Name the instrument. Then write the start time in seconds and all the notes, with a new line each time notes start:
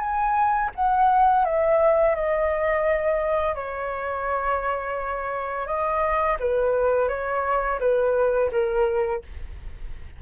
flute
0.00 G#5
0.76 F#5
1.45 E5
2.16 D#5
3.55 C#5
5.67 D#5
6.40 B4
7.09 C#5
7.80 B4
8.52 A#4